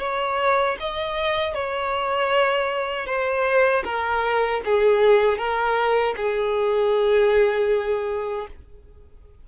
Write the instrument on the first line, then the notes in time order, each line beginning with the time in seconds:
violin
0.00 C#5
0.80 D#5
1.54 C#5
3.06 C5
3.84 A#4
4.65 G#4
5.37 A#4
6.16 G#4